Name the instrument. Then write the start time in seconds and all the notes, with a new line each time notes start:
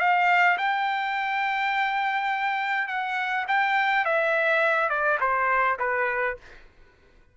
trumpet
0.00 F5
0.58 G5
2.88 F#5
3.48 G5
4.05 E5
4.90 D5
5.21 C5
5.80 B4